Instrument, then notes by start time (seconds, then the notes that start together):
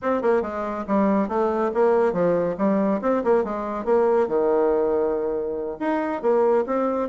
bassoon
0.02 C4
0.22 A#3
0.42 G#3
0.87 G3
1.28 A3
1.74 A#3
2.12 F3
2.57 G3
3.01 C4
3.24 A#3
3.43 G#3
3.85 A#3
4.27 D#3
5.79 D#4
6.22 A#3
6.66 C4